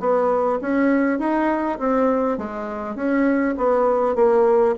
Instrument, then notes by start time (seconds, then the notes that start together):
bassoon
0.00 B3
0.62 C#4
1.20 D#4
1.79 C4
2.38 G#3
2.96 C#4
3.58 B3
4.16 A#3